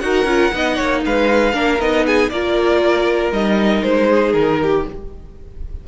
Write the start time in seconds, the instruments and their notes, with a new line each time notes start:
0.00 cello D#4, viola F#4, violin A#4 F#5
0.25 cello C#4, viola F4
0.53 cello B3, viola D#4, violin D#5
0.76 cello A#3, violin C#5
1.06 cello G#3, violin B4 F5
1.53 cello A#3, viola D4, violin A#4
1.80 cello B3, viola D#4, violin D#5
2.07 violin G#4 G#5
2.30 cello A#3, viola F4, violin A#4 D5
3.32 cello G3, viola D#4, violin D#5
3.83 cello G#3, violin C5
4.09 violin G#4
4.33 cello D#3, violin A#4
4.62 violin G4